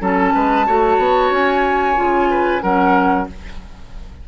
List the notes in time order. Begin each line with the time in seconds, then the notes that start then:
0.00 F#3 C#4 A4 A5
0.34 G#3 B4
0.66 A3 F#4 C#5
0.98 B3
1.30 C#4 G#5
1.95 C#3 F4
2.30 B4
2.61 F#3 C#4 A#4 F#5